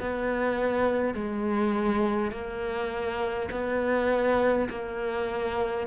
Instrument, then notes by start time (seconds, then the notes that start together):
cello
0.00 B3
1.14 G#3
2.31 A#3
3.50 B3
4.69 A#3